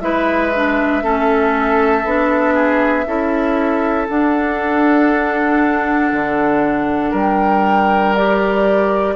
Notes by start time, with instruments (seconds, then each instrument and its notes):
0.00 bassoon G#3, clarinet E4, oboe B4, flute E5
0.55 clarinet D4
1.02 bassoon A3, clarinet C#4, oboe A4
2.05 bassoon B3, clarinet D4
2.54 oboe G#4
3.06 bassoon C#4, clarinet E4, oboe A4
4.08 clarinet D4, bassoon D4, flute F#5
6.12 bassoon D3
7.10 bassoon G3, oboe A#4, flute G5
8.15 clarinet G4, flute D5